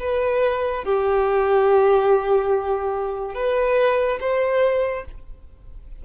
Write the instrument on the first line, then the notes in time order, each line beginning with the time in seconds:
violin
0.00 B4
0.85 G4
3.35 B4
4.21 C5